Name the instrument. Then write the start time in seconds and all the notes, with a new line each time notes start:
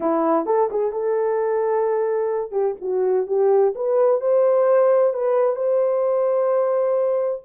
horn
0.00 E4
0.46 A4
0.70 G#4
0.92 A4
2.51 G4
2.81 F#4
3.27 G4
3.75 B4
4.21 C5
5.13 B4
5.55 C5